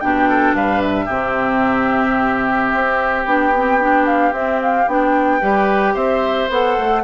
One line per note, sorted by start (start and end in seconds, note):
0.00 0.53 B2
0.00 1.08 D4
0.00 0.28 G4
0.00 0.54 G5
0.28 0.56 A4
0.53 1.07 G2
0.53 1.05 B4
0.53 0.81 F5
0.81 3.24 E5
1.05 2.71 C3
1.05 3.24 C4
1.05 5.37 G4
2.73 3.25 C4
3.25 4.32 B3
3.25 3.52 D4
3.25 4.05 G5
3.55 3.80 C4
3.80 4.32 D4
4.05 4.32 F5
4.32 4.86 C4
4.32 4.60 E5
4.61 4.88 F5
4.87 5.41 B3
4.87 5.41 D4
4.87 5.95 G5
5.41 5.94 G3
5.41 6.49 G4
5.41 5.94 B4
5.94 6.49 C4
5.94 7.02 C5
5.94 6.49 E5
6.49 6.76 B3
6.49 7.03 A4
6.49 7.03 F#5
6.78 7.03 A3